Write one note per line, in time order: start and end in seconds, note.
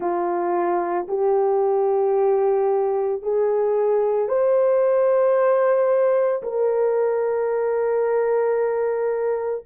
0.00 1.06 F4
1.08 3.22 G4
3.22 4.28 G#4
4.28 6.42 C5
6.42 9.64 A#4